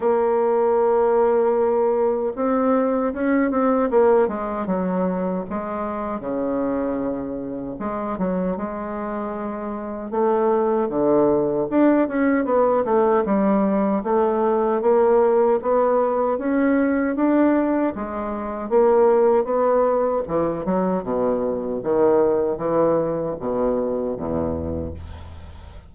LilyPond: \new Staff \with { instrumentName = "bassoon" } { \time 4/4 \tempo 4 = 77 ais2. c'4 | cis'8 c'8 ais8 gis8 fis4 gis4 | cis2 gis8 fis8 gis4~ | gis4 a4 d4 d'8 cis'8 |
b8 a8 g4 a4 ais4 | b4 cis'4 d'4 gis4 | ais4 b4 e8 fis8 b,4 | dis4 e4 b,4 e,4 | }